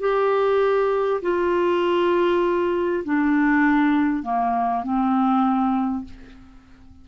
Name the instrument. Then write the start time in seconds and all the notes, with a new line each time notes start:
clarinet
0.00 G4
1.22 F4
3.05 D4
4.23 A#3
4.83 C4